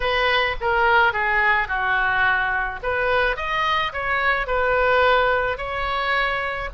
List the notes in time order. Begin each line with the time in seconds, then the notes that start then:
0.00 B4
0.60 A#4
1.12 G#4
1.68 F#4
2.82 B4
3.36 D#5
3.93 C#5
4.46 B4
5.57 C#5